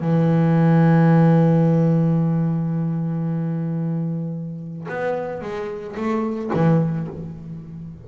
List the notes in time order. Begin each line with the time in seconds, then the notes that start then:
0.00 E3
4.88 B3
5.41 G#3
5.96 A3
6.53 E3